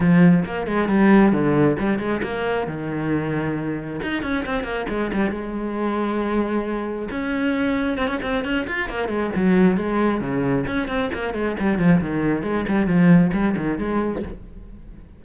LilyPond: \new Staff \with { instrumentName = "cello" } { \time 4/4 \tempo 4 = 135 f4 ais8 gis8 g4 d4 | g8 gis8 ais4 dis2~ | dis4 dis'8 cis'8 c'8 ais8 gis8 g8 | gis1 |
cis'2 c'16 cis'16 c'8 cis'8 f'8 | ais8 gis8 fis4 gis4 cis4 | cis'8 c'8 ais8 gis8 g8 f8 dis4 | gis8 g8 f4 g8 dis8 gis4 | }